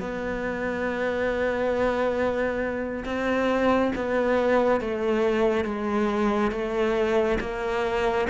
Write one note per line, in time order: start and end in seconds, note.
0.00 3.04 B3
3.05 3.92 C4
3.96 4.81 B3
4.81 5.65 A3
5.65 6.51 G#3
6.51 7.38 A3
7.40 8.27 A#3